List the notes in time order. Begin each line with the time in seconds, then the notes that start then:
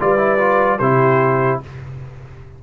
0.00 G3 F4 B4 D5
0.18 E4
0.39 F4
0.79 C3 E4 G4 C5